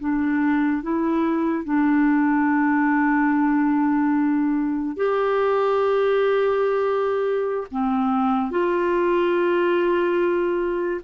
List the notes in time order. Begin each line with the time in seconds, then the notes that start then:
0.00 D4
0.83 E4
1.65 D4
4.97 G4
7.72 C4
8.51 F4